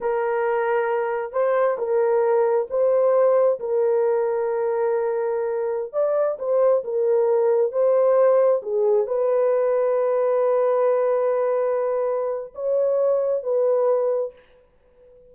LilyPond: \new Staff \with { instrumentName = "horn" } { \time 4/4 \tempo 4 = 134 ais'2. c''4 | ais'2 c''2 | ais'1~ | ais'4~ ais'16 d''4 c''4 ais'8.~ |
ais'4~ ais'16 c''2 gis'8.~ | gis'16 b'2.~ b'8.~ | b'1 | cis''2 b'2 | }